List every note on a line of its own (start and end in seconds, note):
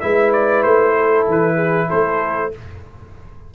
0.00 0.64 G#3
0.00 2.51 E4
0.00 0.96 B4
0.00 0.31 E5
0.32 0.62 D5
0.62 1.26 A3
0.62 1.25 C5
0.96 1.55 A4
1.27 1.90 E3
1.27 1.90 B4
1.55 1.86 G#4
1.87 2.54 A3
1.87 2.50 A4
1.87 2.52 C5